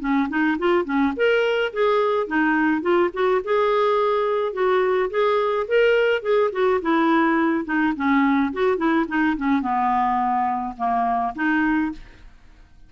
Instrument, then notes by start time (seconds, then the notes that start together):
clarinet
0.00 C#4
0.29 D#4
0.59 F4
0.85 C#4
1.16 A#4
1.73 G#4
2.27 D#4
2.82 F4
3.13 F#4
3.44 G#4
4.53 F#4
5.10 G#4
5.68 A#4
6.22 G#4
6.52 F#4
6.82 E4
7.65 D#4
7.96 C#4
8.53 F#4
8.78 E4
9.08 D#4
9.37 C#4
9.62 B3
10.77 A#3
11.36 D#4